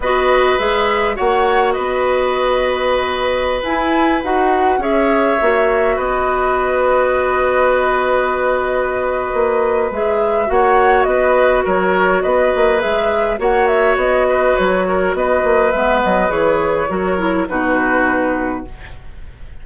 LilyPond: <<
  \new Staff \with { instrumentName = "flute" } { \time 4/4 \tempo 4 = 103 dis''4 e''4 fis''4 dis''4~ | dis''2~ dis''16 gis''4 fis''8.~ | fis''16 e''2 dis''4.~ dis''16~ | dis''1~ |
dis''4 e''4 fis''4 dis''4 | cis''4 dis''4 e''4 fis''8 e''8 | dis''4 cis''4 dis''4 e''8 dis''8 | cis''2 b'2 | }
  \new Staff \with { instrumentName = "oboe" } { \time 4/4 b'2 cis''4 b'4~ | b'1~ | b'16 cis''2 b'4.~ b'16~ | b'1~ |
b'2 cis''4 b'4 | ais'4 b'2 cis''4~ | cis''8 b'4 ais'8 b'2~ | b'4 ais'4 fis'2 | }
  \new Staff \with { instrumentName = "clarinet" } { \time 4/4 fis'4 gis'4 fis'2~ | fis'2~ fis'16 e'4 fis'8.~ | fis'16 gis'4 fis'2~ fis'8.~ | fis'1~ |
fis'4 gis'4 fis'2~ | fis'2 gis'4 fis'4~ | fis'2. b4 | gis'4 fis'8 e'8 dis'2 | }
  \new Staff \with { instrumentName = "bassoon" } { \time 4/4 b4 gis4 ais4 b4~ | b2~ b16 e'4 dis'8.~ | dis'16 cis'4 ais4 b4.~ b16~ | b1 |
ais4 gis4 ais4 b4 | fis4 b8 ais8 gis4 ais4 | b4 fis4 b8 ais8 gis8 fis8 | e4 fis4 b,2 | }
>>